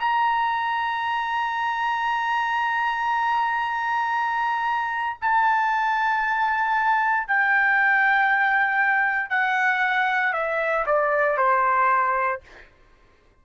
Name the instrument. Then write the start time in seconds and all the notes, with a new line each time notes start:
trumpet
0.00 A#5
5.21 A5
7.27 G5
9.30 F#5
10.33 E5
10.86 D5
11.37 C5